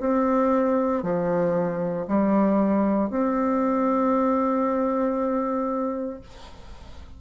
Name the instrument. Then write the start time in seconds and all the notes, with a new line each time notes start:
bassoon
0.00 C4
1.03 F3
2.08 G3
3.10 C4